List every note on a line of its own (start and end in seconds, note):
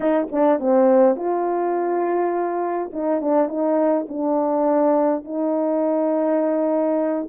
0.00 0.26 D#4
0.31 0.59 D4
0.59 1.16 C4
1.16 2.90 F4
2.92 3.21 D#4
3.21 3.48 D4
3.48 4.06 D#4
4.08 5.24 D4
5.24 7.28 D#4